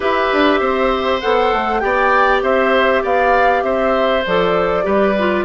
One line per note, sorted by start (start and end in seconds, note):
0.00 0.27 E4
0.00 1.21 G4
0.00 0.60 B4
0.00 1.20 E5
0.32 0.60 D4
0.60 1.21 C4
0.60 1.81 C5
1.20 1.52 B3
1.20 1.80 A4
1.20 1.79 F#5
1.52 1.82 A3
1.79 2.42 B3
1.79 4.23 G4
1.79 2.43 D5
1.79 2.40 G5
2.42 3.03 C4
2.42 3.02 C5
2.42 3.03 E5
3.02 3.62 B3
3.02 3.63 D5
3.02 3.63 F5
3.62 4.23 C4
3.62 4.84 C5
3.62 4.23 E5
4.26 4.85 F3
4.26 4.83 A4
4.26 5.44 D5
4.83 5.44 G3
4.83 5.14 G4
4.83 5.44 B4
5.18 5.44 F4